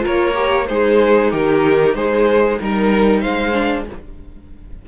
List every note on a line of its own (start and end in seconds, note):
0.00 0.32 F4
0.00 0.67 A#4
0.06 0.69 A#3
0.06 0.67 C#5
0.35 0.67 G4
0.67 1.33 G#3
0.67 2.59 D#4
0.67 1.31 G#4
0.67 1.31 C5
1.31 1.95 D#3
1.31 1.95 G4
1.31 1.95 A#4
1.95 2.59 G#3
1.95 2.60 G#4
1.95 2.59 C5
2.59 3.24 G3
2.59 3.53 D#4
2.59 3.22 A#4
2.59 3.20 A#4
3.20 3.88 G#3
3.20 3.86 C5
3.20 3.84 F5
3.53 3.85 D4